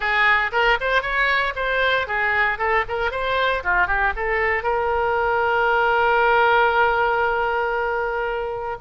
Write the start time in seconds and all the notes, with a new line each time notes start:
0.00 G#4
0.52 A#4
0.80 C5
1.02 C#5
1.55 C5
2.07 G#4
2.58 A4
2.88 A#4
3.11 C5
3.63 F4
3.87 G4
4.16 A4
4.63 A#4